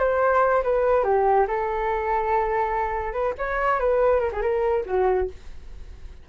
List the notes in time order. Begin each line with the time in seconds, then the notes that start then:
0.00 C5
0.64 B4
1.04 G4
1.48 A4
3.13 B4
3.38 C#5
3.80 B4
4.21 A#4
4.33 G#4
4.42 A#4
4.86 F#4